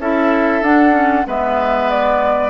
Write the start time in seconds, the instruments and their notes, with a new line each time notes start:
0.00 bassoon C#4, clarinet E4, oboe A4, flute E5
0.62 bassoon D4, clarinet D4, flute F#5
0.92 clarinet C#4
1.27 bassoon G#3, clarinet B3, oboe B4, flute E5
1.91 flute D5